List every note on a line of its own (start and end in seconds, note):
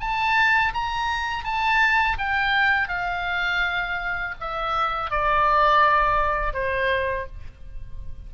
0.00 0.73 A5
0.74 1.44 A#5
1.44 2.17 A5
2.18 2.88 G5
2.88 4.34 F5
4.40 5.10 E5
5.10 6.54 D5
6.54 7.27 C5